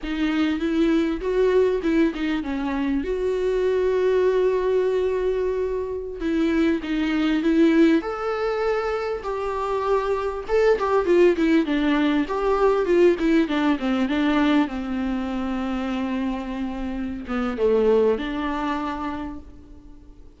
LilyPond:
\new Staff \with { instrumentName = "viola" } { \time 4/4 \tempo 4 = 99 dis'4 e'4 fis'4 e'8 dis'8 | cis'4 fis'2.~ | fis'2~ fis'16 e'4 dis'8.~ | dis'16 e'4 a'2 g'8.~ |
g'4~ g'16 a'8 g'8 f'8 e'8 d'8.~ | d'16 g'4 f'8 e'8 d'8 c'8 d'8.~ | d'16 c'2.~ c'8.~ | c'8 b8 a4 d'2 | }